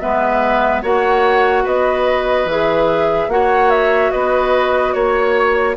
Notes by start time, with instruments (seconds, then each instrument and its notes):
0.00 bassoon G#3, clarinet B3, oboe B4, flute E5
0.83 bassoon A#3, clarinet F#4, oboe C#5, flute F#5
1.64 bassoon B3, oboe B4, flute D#5
2.45 bassoon E3, clarinet G#4, flute E5
3.28 bassoon A#3, clarinet F#4, oboe C#5, flute F#5
3.70 flute E5
4.11 bassoon B3, oboe B4, flute D#5
4.93 bassoon A#3, flute C#5, oboe C#5